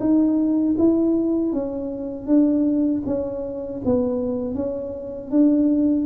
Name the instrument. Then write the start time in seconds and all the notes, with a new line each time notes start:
tuba
0.00 D#4
0.78 E4
1.53 C#4
2.27 D4
3.06 C#4
3.85 B3
4.55 C#4
5.31 D4